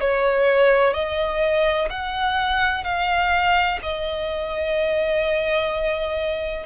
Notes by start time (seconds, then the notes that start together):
0.00 C#5
0.93 D#5
1.90 F#5
2.84 F5
3.82 D#5